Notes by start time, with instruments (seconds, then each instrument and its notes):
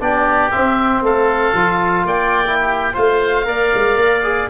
0.00 tuba B3, trombone D4, oboe G4 D5
0.51 trombone C4, tuba C4, oboe E5
1.02 tuba A3, oboe A4 F5
1.54 tuba F3, trombone F4
2.05 tuba A#3, oboe D5 G5
2.46 trombone E4
2.60 oboe G4
2.94 tuba A3, trombone F4, oboe C5 F5
3.45 tuba A#3, trombone A#4, oboe D5
3.74 tuba G#3
3.96 tuba A#3
4.23 trombone G#4